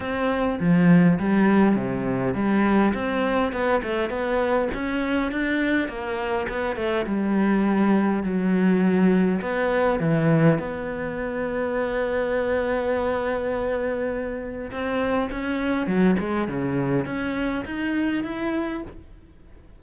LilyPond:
\new Staff \with { instrumentName = "cello" } { \time 4/4 \tempo 4 = 102 c'4 f4 g4 c4 | g4 c'4 b8 a8 b4 | cis'4 d'4 ais4 b8 a8 | g2 fis2 |
b4 e4 b2~ | b1~ | b4 c'4 cis'4 fis8 gis8 | cis4 cis'4 dis'4 e'4 | }